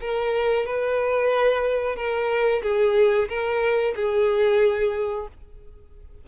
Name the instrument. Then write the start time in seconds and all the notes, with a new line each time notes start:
violin
0.00 A#4
0.66 B4
1.96 A#4
2.62 G#4
3.28 A#4
3.95 G#4